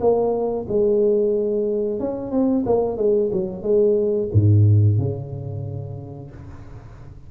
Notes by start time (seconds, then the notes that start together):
0.00 A#3
0.68 G#3
1.99 C#4
2.31 C4
2.66 A#3
2.97 G#3
3.32 F#3
3.62 G#3
4.33 G#2
4.98 C#3